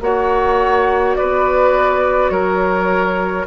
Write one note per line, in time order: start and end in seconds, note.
0.00 1.15 A#3
0.00 3.46 F#4
0.00 1.17 C#5
0.00 1.15 F#5
1.15 2.30 B3
1.15 2.31 B4
1.15 2.30 D5
2.30 3.45 F#3
2.30 3.46 A#4
2.30 3.45 C#5